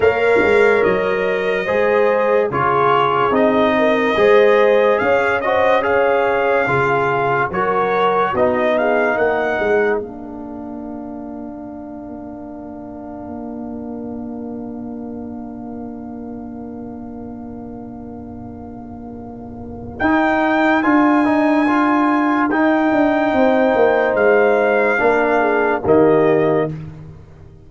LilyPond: <<
  \new Staff \with { instrumentName = "trumpet" } { \time 4/4 \tempo 4 = 72 f''4 dis''2 cis''4 | dis''2 f''8 dis''8 f''4~ | f''4 cis''4 dis''8 f''8 fis''4 | f''1~ |
f''1~ | f''1 | g''4 gis''2 g''4~ | g''4 f''2 dis''4 | }
  \new Staff \with { instrumentName = "horn" } { \time 4/4 cis''2 c''4 gis'4~ | gis'8 ais'8 c''4 cis''8 c''8 cis''4 | gis'4 ais'4 fis'8 gis'8 ais'4~ | ais'1~ |
ais'1~ | ais'1~ | ais'1 | c''2 ais'8 gis'8 g'4 | }
  \new Staff \with { instrumentName = "trombone" } { \time 4/4 ais'2 gis'4 f'4 | dis'4 gis'4. fis'8 gis'4 | f'4 fis'4 dis'2 | d'1~ |
d'1~ | d'1 | dis'4 f'8 dis'8 f'4 dis'4~ | dis'2 d'4 ais4 | }
  \new Staff \with { instrumentName = "tuba" } { \time 4/4 ais8 gis8 fis4 gis4 cis4 | c'4 gis4 cis'2 | cis4 fis4 b4 ais8 gis8 | ais1~ |
ais1~ | ais1 | dis'4 d'2 dis'8 d'8 | c'8 ais8 gis4 ais4 dis4 | }
>>